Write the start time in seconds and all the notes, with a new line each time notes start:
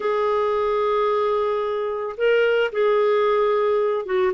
0.00 G#4
2.17 A#4
2.72 G#4
4.05 F#4